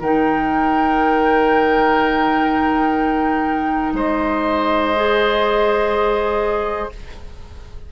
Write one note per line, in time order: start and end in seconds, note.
0.00 3.93 D#3
0.00 4.95 D#4
0.00 3.93 A#4
0.00 3.95 G5
3.93 6.88 G#3
3.93 6.91 C5
3.93 6.90 D#5
4.96 6.92 G#4